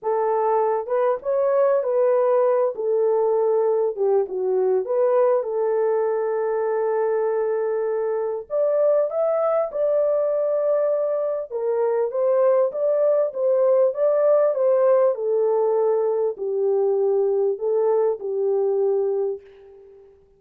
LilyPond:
\new Staff \with { instrumentName = "horn" } { \time 4/4 \tempo 4 = 99 a'4. b'8 cis''4 b'4~ | b'8 a'2 g'8 fis'4 | b'4 a'2.~ | a'2 d''4 e''4 |
d''2. ais'4 | c''4 d''4 c''4 d''4 | c''4 a'2 g'4~ | g'4 a'4 g'2 | }